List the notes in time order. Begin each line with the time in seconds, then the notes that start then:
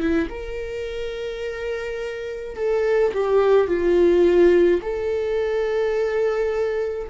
0.00 E4
0.30 A#4
2.56 A4
3.13 G4
3.68 F4
4.82 A4